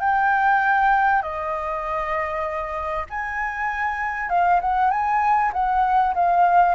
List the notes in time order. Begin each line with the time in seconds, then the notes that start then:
0.00 G5
1.22 D#5
3.09 G#5
4.29 F5
4.61 F#5
4.91 G#5
5.53 F#5
6.14 F5